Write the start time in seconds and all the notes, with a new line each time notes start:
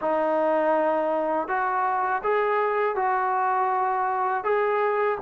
0.01 D#4
1.48 F#4
2.23 G#4
2.95 F#4
4.44 G#4